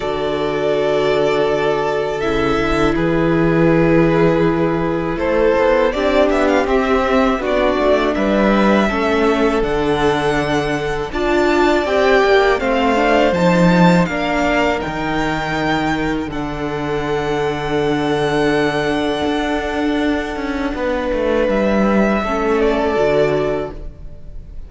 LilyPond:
<<
  \new Staff \with { instrumentName = "violin" } { \time 4/4 \tempo 4 = 81 d''2. e''4 | b'2. c''4 | d''8 e''16 f''16 e''4 d''4 e''4~ | e''4 fis''2 a''4 |
g''4 f''4 a''4 f''4 | g''2 fis''2~ | fis''1~ | fis''4 e''4. d''4. | }
  \new Staff \with { instrumentName = "violin" } { \time 4/4 a'1 | gis'2. a'4 | g'2 fis'4 b'4 | a'2. d''4~ |
d''4 c''2 ais'4~ | ais'2 a'2~ | a'1 | b'2 a'2 | }
  \new Staff \with { instrumentName = "viola" } { \time 4/4 fis'2. e'4~ | e'1 | d'4 c'4 d'2 | cis'4 d'2 f'4 |
g'4 c'8 d'8 dis'4 d'4 | dis'2 d'2~ | d'1~ | d'2 cis'4 fis'4 | }
  \new Staff \with { instrumentName = "cello" } { \time 4/4 d2. cis8 d8 | e2. a8 b8 | c'8 b8 c'4 b8 a8 g4 | a4 d2 d'4 |
c'8 ais8 a4 f4 ais4 | dis2 d2~ | d2 d'4. cis'8 | b8 a8 g4 a4 d4 | }
>>